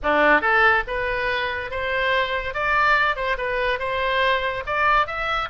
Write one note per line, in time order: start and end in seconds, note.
0.02 0.41 D4
0.41 0.83 A4
0.87 1.70 B4
1.70 2.54 C5
2.54 3.15 D5
3.15 3.36 C5
3.37 3.79 B4
3.79 4.63 C5
4.66 5.06 D5
5.06 5.49 E5